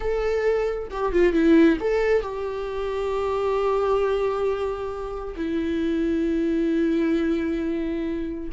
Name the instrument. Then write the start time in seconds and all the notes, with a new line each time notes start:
viola
0.00 A4
0.91 G4
1.12 F4
1.32 E4
1.80 A4
2.21 G4
5.36 E4